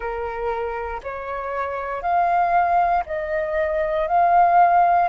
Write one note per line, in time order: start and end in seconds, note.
0.00 1.00 A#4
1.03 2.02 C#5
2.02 3.03 F5
3.06 4.07 D#5
4.07 5.08 F5